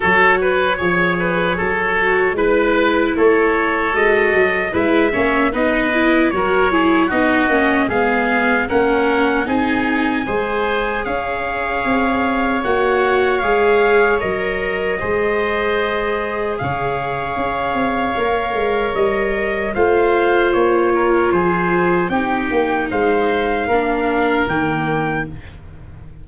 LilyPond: <<
  \new Staff \with { instrumentName = "trumpet" } { \time 4/4 \tempo 4 = 76 cis''2. b'4 | cis''4 dis''4 e''4 dis''4 | cis''4 dis''4 f''4 fis''4 | gis''2 f''2 |
fis''4 f''4 dis''2~ | dis''4 f''2. | dis''4 f''4 cis''4 c''4 | g''4 f''2 g''4 | }
  \new Staff \with { instrumentName = "oboe" } { \time 4/4 a'8 b'8 cis''8 b'8 a'4 b'4 | a'2 b'8 cis''8 b'4 | ais'8 gis'8 fis'4 gis'4 ais'4 | gis'4 c''4 cis''2~ |
cis''2. c''4~ | c''4 cis''2.~ | cis''4 c''4. ais'8 gis'4 | g'4 c''4 ais'2 | }
  \new Staff \with { instrumentName = "viola" } { \time 4/4 fis'4 gis'4. fis'8 e'4~ | e'4 fis'4 e'8 cis'8 dis'8 e'8 | fis'8 e'8 dis'8 cis'8 b4 cis'4 | dis'4 gis'2. |
fis'4 gis'4 ais'4 gis'4~ | gis'2. ais'4~ | ais'4 f'2. | dis'2 d'4 ais4 | }
  \new Staff \with { instrumentName = "tuba" } { \time 4/4 fis4 f4 fis4 gis4 | a4 gis8 fis8 gis8 ais8 b4 | fis4 b8 ais8 gis4 ais4 | c'4 gis4 cis'4 c'4 |
ais4 gis4 fis4 gis4~ | gis4 cis4 cis'8 c'8 ais8 gis8 | g4 a4 ais4 f4 | c'8 ais8 gis4 ais4 dis4 | }
>>